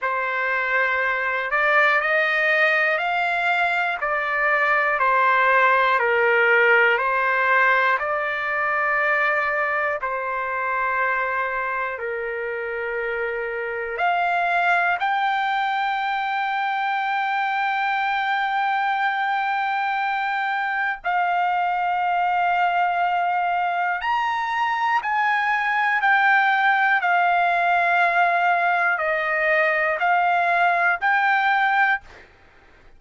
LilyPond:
\new Staff \with { instrumentName = "trumpet" } { \time 4/4 \tempo 4 = 60 c''4. d''8 dis''4 f''4 | d''4 c''4 ais'4 c''4 | d''2 c''2 | ais'2 f''4 g''4~ |
g''1~ | g''4 f''2. | ais''4 gis''4 g''4 f''4~ | f''4 dis''4 f''4 g''4 | }